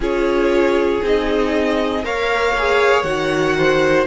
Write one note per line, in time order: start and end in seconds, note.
0.00 1.00 C#4
0.00 1.02 F4
0.00 2.04 G#4
0.00 1.04 C#5
1.02 2.04 C4
1.02 2.03 D#4
1.02 2.05 D#5
2.03 3.03 A#3
2.03 2.54 A#4
2.03 3.57 C#5
2.03 3.02 F5
2.58 3.04 G#4
3.02 4.05 D#3
3.02 4.06 F#4
3.02 4.04 F#5
3.57 4.06 C5